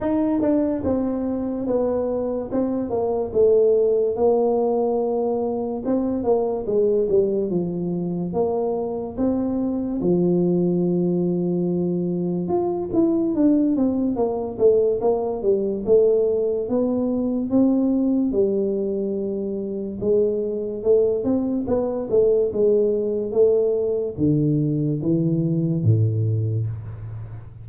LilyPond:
\new Staff \with { instrumentName = "tuba" } { \time 4/4 \tempo 4 = 72 dis'8 d'8 c'4 b4 c'8 ais8 | a4 ais2 c'8 ais8 | gis8 g8 f4 ais4 c'4 | f2. f'8 e'8 |
d'8 c'8 ais8 a8 ais8 g8 a4 | b4 c'4 g2 | gis4 a8 c'8 b8 a8 gis4 | a4 d4 e4 a,4 | }